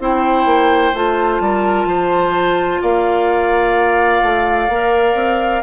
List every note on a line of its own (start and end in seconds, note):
0.00 0.46 C4
0.00 0.94 E4
0.00 1.43 C5
0.00 0.96 G5
0.46 0.93 A#3
0.94 1.41 A3
0.94 4.70 F4
0.94 2.83 A5
1.41 1.86 G3
1.41 1.88 A#4
1.86 2.79 F3
1.86 2.82 C5
2.82 4.22 A#3
2.82 5.63 D5
2.82 5.63 F5
4.22 4.69 A3
4.69 5.15 A#3
4.69 5.63 A#4
5.15 5.62 C4